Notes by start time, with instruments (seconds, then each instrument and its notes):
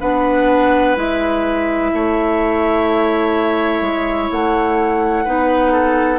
0.00 bassoon B3, clarinet D4, oboe B4, flute F#5
0.96 bassoon G#3, clarinet E4, flute E5
1.93 bassoon A3, oboe C#5
3.81 bassoon G#3
4.31 bassoon A3, flute F#5
5.24 bassoon B3, clarinet D#4, oboe B4
5.72 oboe A4